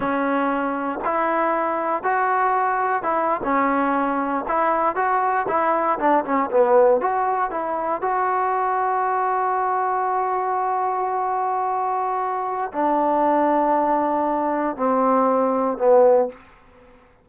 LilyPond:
\new Staff \with { instrumentName = "trombone" } { \time 4/4 \tempo 4 = 118 cis'2 e'2 | fis'2 e'8. cis'4~ cis'16~ | cis'8. e'4 fis'4 e'4 d'16~ | d'16 cis'8 b4 fis'4 e'4 fis'16~ |
fis'1~ | fis'1~ | fis'4 d'2.~ | d'4 c'2 b4 | }